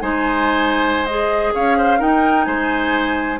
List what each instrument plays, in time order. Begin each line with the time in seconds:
0.00 bassoon G#3, clarinet D#4, oboe C5, flute G#5
1.05 clarinet G#4, flute D#5
1.54 bassoon C#4, oboe C#5, flute F5
1.77 oboe C5
1.98 clarinet D#4, bassoon D#4, oboe A#4, flute G5
2.45 bassoon G#3, oboe C5, flute G#5